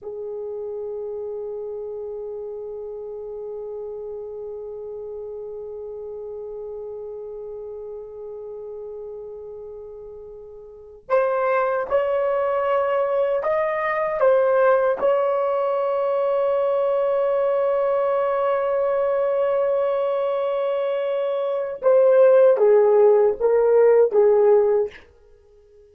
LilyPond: \new Staff \with { instrumentName = "horn" } { \time 4/4 \tempo 4 = 77 gis'1~ | gis'1~ | gis'1~ | gis'2~ gis'16 c''4 cis''8.~ |
cis''4~ cis''16 dis''4 c''4 cis''8.~ | cis''1~ | cis''1 | c''4 gis'4 ais'4 gis'4 | }